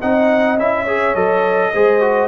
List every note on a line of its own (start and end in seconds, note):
0.00 0.57 C4
0.00 0.58 D#4
0.00 0.83 D#5
0.00 0.58 F#5
0.57 1.14 C#4
0.57 0.86 E4
0.57 1.15 E5
0.83 1.15 G#4
0.83 1.69 C#5
1.14 1.72 F#3
1.14 1.72 A4
1.14 2.28 D#5
1.73 2.28 G#3
1.73 2.00 G#4
1.73 2.28 C5
2.00 2.28 F#4